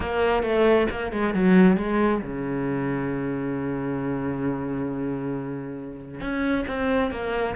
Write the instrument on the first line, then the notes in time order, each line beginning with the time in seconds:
cello
0.00 A#3
0.42 A3
0.90 A#3
1.12 G#3
1.33 F#3
1.77 G#3
2.22 C#3
6.20 C#4
6.67 C4
7.11 A#3